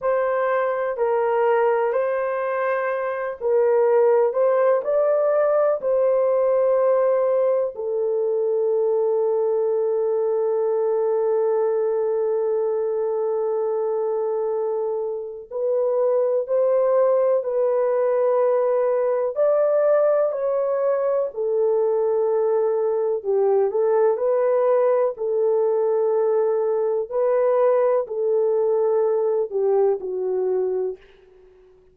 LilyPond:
\new Staff \with { instrumentName = "horn" } { \time 4/4 \tempo 4 = 62 c''4 ais'4 c''4. ais'8~ | ais'8 c''8 d''4 c''2 | a'1~ | a'1 |
b'4 c''4 b'2 | d''4 cis''4 a'2 | g'8 a'8 b'4 a'2 | b'4 a'4. g'8 fis'4 | }